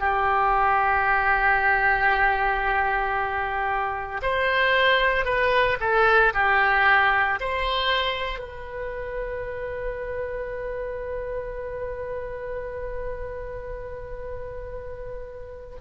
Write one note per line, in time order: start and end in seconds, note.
0.00 4.21 G4
4.22 5.25 C5
5.25 5.78 B4
5.80 6.33 A4
6.34 7.39 G4
7.40 8.39 C5
8.39 15.76 B4